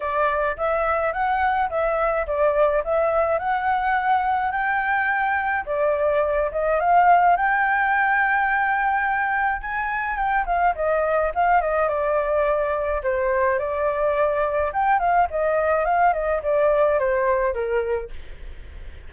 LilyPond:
\new Staff \with { instrumentName = "flute" } { \time 4/4 \tempo 4 = 106 d''4 e''4 fis''4 e''4 | d''4 e''4 fis''2 | g''2 d''4. dis''8 | f''4 g''2.~ |
g''4 gis''4 g''8 f''8 dis''4 | f''8 dis''8 d''2 c''4 | d''2 g''8 f''8 dis''4 | f''8 dis''8 d''4 c''4 ais'4 | }